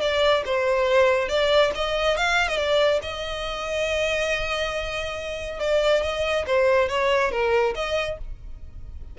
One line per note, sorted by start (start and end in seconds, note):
0.00 0.43 D5
0.45 1.28 C5
1.28 1.71 D5
1.75 2.16 D#5
2.16 2.48 F5
2.48 2.57 D#5
2.57 3.00 D5
3.02 5.59 D#5
5.59 6.02 D5
6.02 6.45 D#5
6.46 6.88 C5
6.88 7.31 C#5
7.31 7.74 A#4
7.75 8.18 D#5